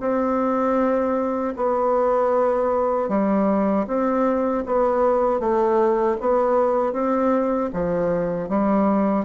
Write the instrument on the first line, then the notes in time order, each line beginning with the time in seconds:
bassoon
0.00 C4
1.56 B3
3.09 G3
3.87 C4
4.66 B3
5.40 A3
6.20 B3
6.93 C4
7.73 F3
8.49 G3